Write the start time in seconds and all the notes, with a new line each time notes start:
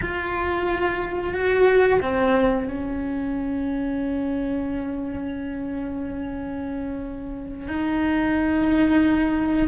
0.02 F4
1.33 F#4
2.02 C4
2.67 C#4
7.67 D#4